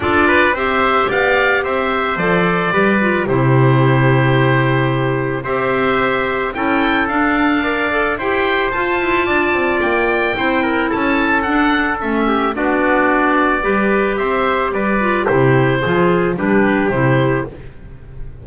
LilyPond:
<<
  \new Staff \with { instrumentName = "oboe" } { \time 4/4 \tempo 4 = 110 d''4 e''4 f''4 e''4 | d''2 c''2~ | c''2 e''2 | g''4 f''2 g''4 |
a''2 g''2 | a''4 fis''4 e''4 d''4~ | d''2 e''4 d''4 | c''2 b'4 c''4 | }
  \new Staff \with { instrumentName = "trumpet" } { \time 4/4 a'8 b'8 c''4 d''4 c''4~ | c''4 b'4 g'2~ | g'2 c''2 | a'2 d''4 c''4~ |
c''4 d''2 c''8 ais'8 | a'2~ a'8 g'8 fis'4~ | fis'4 b'4 c''4 b'4 | g'4 gis'4 g'2 | }
  \new Staff \with { instrumentName = "clarinet" } { \time 4/4 f'4 g'2. | a'4 g'8 f'8 e'2~ | e'2 g'2 | e'4 d'4 ais'8 a'8 g'4 |
f'2. e'4~ | e'4 d'4 cis'4 d'4~ | d'4 g'2~ g'8 f'8 | e'4 f'4 d'4 e'4 | }
  \new Staff \with { instrumentName = "double bass" } { \time 4/4 d'4 c'4 b4 c'4 | f4 g4 c2~ | c2 c'2 | cis'4 d'2 e'4 |
f'8 e'8 d'8 c'8 ais4 c'4 | cis'4 d'4 a4 b4~ | b4 g4 c'4 g4 | c4 f4 g4 c4 | }
>>